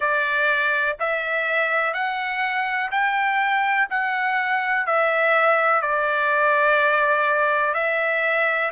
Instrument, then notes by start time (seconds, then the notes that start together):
trumpet
0.00 D5
0.99 E5
1.93 F#5
2.91 G5
3.90 F#5
4.86 E5
5.81 D5
7.74 E5